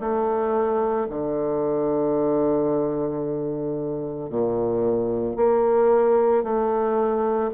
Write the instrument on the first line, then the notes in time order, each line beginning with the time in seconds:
bassoon
0.00 A3
1.10 D3
4.30 A#2
5.36 A#3
6.43 A3